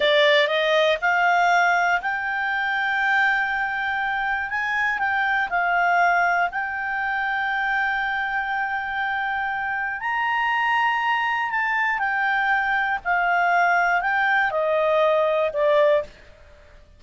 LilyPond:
\new Staff \with { instrumentName = "clarinet" } { \time 4/4 \tempo 4 = 120 d''4 dis''4 f''2 | g''1~ | g''4 gis''4 g''4 f''4~ | f''4 g''2.~ |
g''1 | ais''2. a''4 | g''2 f''2 | g''4 dis''2 d''4 | }